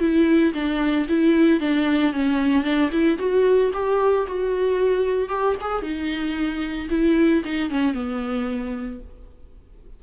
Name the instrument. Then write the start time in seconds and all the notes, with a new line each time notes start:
viola
0.00 E4
0.54 D4
1.09 E4
1.60 D4
2.13 C#4
2.64 D4
2.92 E4
3.19 F#4
3.73 G4
4.27 F#4
5.29 G4
5.61 G#4
5.82 D#4
6.90 E4
7.45 D#4
7.70 C#4
7.94 B3